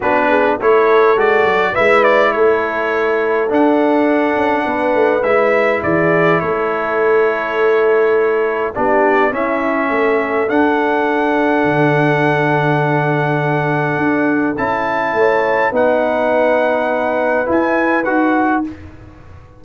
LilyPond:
<<
  \new Staff \with { instrumentName = "trumpet" } { \time 4/4 \tempo 4 = 103 b'4 cis''4 d''4 e''8 d''8 | cis''2 fis''2~ | fis''4 e''4 d''4 cis''4~ | cis''2. d''4 |
e''2 fis''2~ | fis''1~ | fis''4 a''2 fis''4~ | fis''2 gis''4 fis''4 | }
  \new Staff \with { instrumentName = "horn" } { \time 4/4 fis'8 gis'8 a'2 b'4 | a'1 | b'2 gis'4 a'4~ | a'2. g'4 |
e'4 a'2.~ | a'1~ | a'2 cis''4 b'4~ | b'1 | }
  \new Staff \with { instrumentName = "trombone" } { \time 4/4 d'4 e'4 fis'4 e'4~ | e'2 d'2~ | d'4 e'2.~ | e'2. d'4 |
cis'2 d'2~ | d'1~ | d'4 e'2 dis'4~ | dis'2 e'4 fis'4 | }
  \new Staff \with { instrumentName = "tuba" } { \time 4/4 b4 a4 gis8 fis8 gis4 | a2 d'4. cis'8 | b8 a8 gis4 e4 a4~ | a2. b4 |
cis'4 a4 d'2 | d1 | d'4 cis'4 a4 b4~ | b2 e'4 dis'4 | }
>>